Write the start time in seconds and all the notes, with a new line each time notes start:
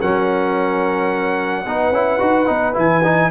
0.00 F#3 C#4 A#4 F#5
1.65 B3 D#4 B4
1.92 C#4 E4
2.19 D#4 F#4
2.46 B3 D#4
2.74 E3 E4 G#5
3.04 D#4